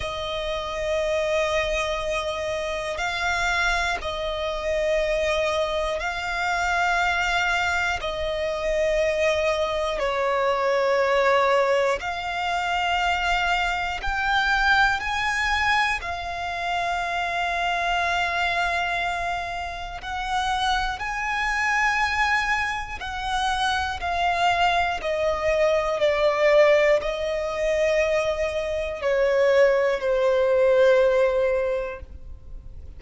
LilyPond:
\new Staff \with { instrumentName = "violin" } { \time 4/4 \tempo 4 = 60 dis''2. f''4 | dis''2 f''2 | dis''2 cis''2 | f''2 g''4 gis''4 |
f''1 | fis''4 gis''2 fis''4 | f''4 dis''4 d''4 dis''4~ | dis''4 cis''4 c''2 | }